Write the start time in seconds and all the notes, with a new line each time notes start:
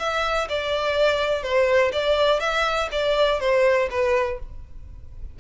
0.00 E5
0.49 D5
1.43 C5
1.93 D5
2.41 E5
2.92 D5
3.40 C5
3.91 B4